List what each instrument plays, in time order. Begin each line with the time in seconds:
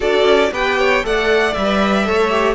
0.00 cello D4, viola F#4, violin A4 D5
0.25 cello C#4
0.51 cello B3, viola G4, violin B4 G5
0.79 violin C#5
1.03 cello A3, viola A4, violin D5 F#5
1.54 cello G3, viola B4, violin E5
2.04 cello A3, viola A4, violin C#5
2.30 viola G4